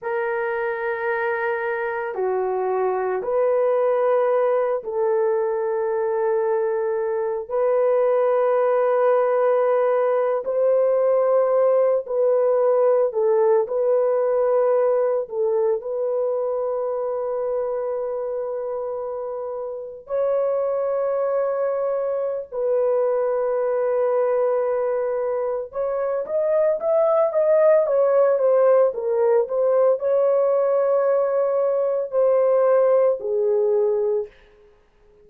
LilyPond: \new Staff \with { instrumentName = "horn" } { \time 4/4 \tempo 4 = 56 ais'2 fis'4 b'4~ | b'8 a'2~ a'8 b'4~ | b'4.~ b'16 c''4. b'8.~ | b'16 a'8 b'4. a'8 b'4~ b'16~ |
b'2~ b'8. cis''4~ cis''16~ | cis''4 b'2. | cis''8 dis''8 e''8 dis''8 cis''8 c''8 ais'8 c''8 | cis''2 c''4 gis'4 | }